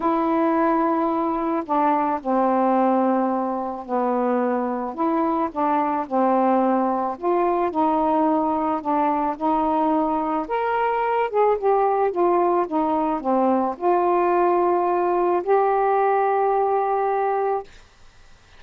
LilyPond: \new Staff \with { instrumentName = "saxophone" } { \time 4/4 \tempo 4 = 109 e'2. d'4 | c'2. b4~ | b4 e'4 d'4 c'4~ | c'4 f'4 dis'2 |
d'4 dis'2 ais'4~ | ais'8 gis'8 g'4 f'4 dis'4 | c'4 f'2. | g'1 | }